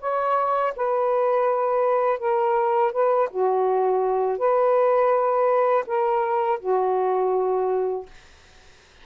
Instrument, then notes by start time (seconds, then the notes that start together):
saxophone
0.00 C#5
0.76 B4
2.19 A#4
2.92 B4
3.30 F#4
4.38 B4
5.86 A#4
6.60 F#4